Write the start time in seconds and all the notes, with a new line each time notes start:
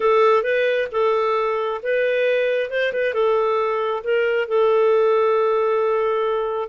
0.00 A4
0.43 B4
0.91 A4
1.82 B4
2.69 C5
2.92 B4
3.13 A4
4.03 A#4
4.48 A4